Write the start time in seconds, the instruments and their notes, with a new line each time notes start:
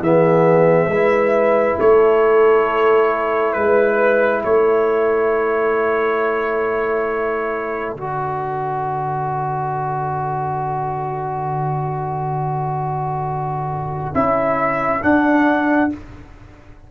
0.00 tuba E3, trombone B3, horn G#4, trumpet E5
0.87 tuba G#3, trombone E4, horn B4
1.79 tuba A3, horn A4, trumpet C#5
3.53 tuba G#3, trumpet B4, horn B4
4.43 tuba A3, horn A4, trumpet C#5
7.94 tuba D3, trombone F#4, trumpet D5
14.14 tuba C#4, trombone E4, trumpet E5
15.01 trombone D4, tuba D4, trumpet F#5